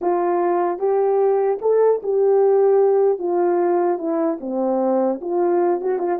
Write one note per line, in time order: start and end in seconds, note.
0.01 0.78 F4
0.78 1.58 G4
1.61 2.01 A4
2.02 3.18 G4
3.18 3.98 F4
3.98 4.38 E4
4.40 5.20 C4
5.21 5.80 F4
5.80 5.99 F#4
5.99 6.19 F4